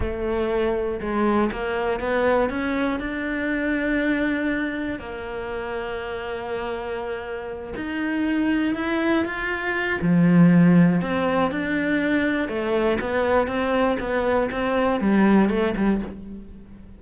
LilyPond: \new Staff \with { instrumentName = "cello" } { \time 4/4 \tempo 4 = 120 a2 gis4 ais4 | b4 cis'4 d'2~ | d'2 ais2~ | ais2.~ ais8 dis'8~ |
dis'4. e'4 f'4. | f2 c'4 d'4~ | d'4 a4 b4 c'4 | b4 c'4 g4 a8 g8 | }